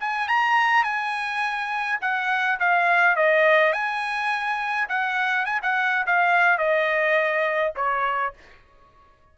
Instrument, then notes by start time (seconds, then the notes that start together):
trumpet
0.00 G#5
0.28 A#5
0.83 G#5
2.01 F#5
2.60 F5
3.16 D#5
3.73 G#5
4.89 F#5
5.45 G#5
5.62 F#5
6.06 F5
6.58 D#5
7.76 C#5